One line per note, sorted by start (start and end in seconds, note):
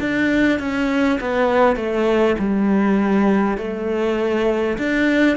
0.00 0.59 D4
0.59 1.19 C#4
1.21 1.76 B3
1.76 2.36 A3
2.38 3.58 G3
3.58 4.78 A3
4.78 5.37 D4